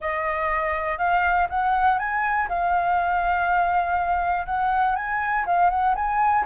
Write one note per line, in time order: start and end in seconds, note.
0.00 0.98 D#5
0.98 1.47 F5
1.49 1.98 F#5
1.98 2.48 G#5
2.49 4.46 F5
4.46 4.95 F#5
4.95 5.45 G#5
5.45 5.70 F5
5.70 5.94 F#5
5.95 6.44 G#5